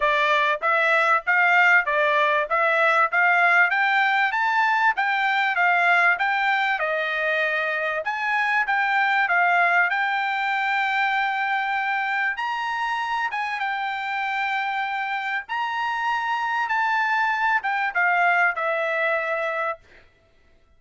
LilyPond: \new Staff \with { instrumentName = "trumpet" } { \time 4/4 \tempo 4 = 97 d''4 e''4 f''4 d''4 | e''4 f''4 g''4 a''4 | g''4 f''4 g''4 dis''4~ | dis''4 gis''4 g''4 f''4 |
g''1 | ais''4. gis''8 g''2~ | g''4 ais''2 a''4~ | a''8 g''8 f''4 e''2 | }